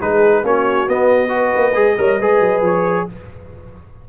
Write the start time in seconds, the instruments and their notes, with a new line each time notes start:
0.00 tuba G#3, trombone D#4, horn G#4, trumpet B4
0.43 tuba A#3, trombone C#4, horn F#4, trumpet C#5
0.88 tuba B3, trombone B3, trumpet D#5
1.28 trombone F#4, horn B4
1.55 tuba A#3
1.74 tuba G#3, trombone G#4
1.97 tuba G3, trombone A#4, horn C#5
2.19 tuba G#3, trombone G#4, horn B4
2.39 tuba F#3
2.61 tuba F3, trumpet C#5